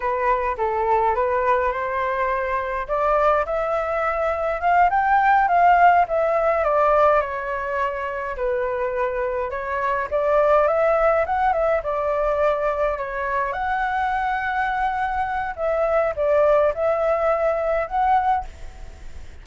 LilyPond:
\new Staff \with { instrumentName = "flute" } { \time 4/4 \tempo 4 = 104 b'4 a'4 b'4 c''4~ | c''4 d''4 e''2 | f''8 g''4 f''4 e''4 d''8~ | d''8 cis''2 b'4.~ |
b'8 cis''4 d''4 e''4 fis''8 | e''8 d''2 cis''4 fis''8~ | fis''2. e''4 | d''4 e''2 fis''4 | }